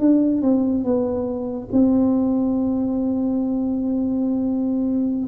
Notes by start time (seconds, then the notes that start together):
0.00 D4
0.42 C4
0.85 B3
1.72 C4